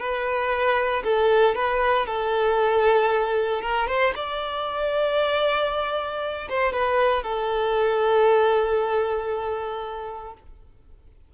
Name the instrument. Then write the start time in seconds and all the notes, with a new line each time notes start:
violin
0.00 B4
1.04 A4
1.55 B4
2.06 A4
3.62 A#4
3.88 C5
4.16 D5
6.49 C5
6.73 B4
7.23 A4